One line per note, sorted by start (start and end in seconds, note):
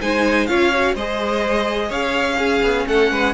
0.00 0.48 G#3
0.00 0.48 D#4
0.00 0.48 C5
0.00 0.46 G#5
0.46 0.95 C#4
0.46 0.72 F4
0.46 0.95 C#5
0.46 0.94 F5
0.73 0.97 F#4
0.95 1.90 G#3
0.95 2.38 G#4
0.95 1.88 C5
0.95 1.91 D#5
1.88 2.61 C#4
1.88 2.36 C#5
1.88 2.87 F5
2.38 3.33 C#4
2.38 2.86 G#4
2.62 2.85 B3
2.87 3.10 A3
2.87 3.11 A4
2.87 3.33 F#5
3.11 3.33 G#3
3.11 3.33 B4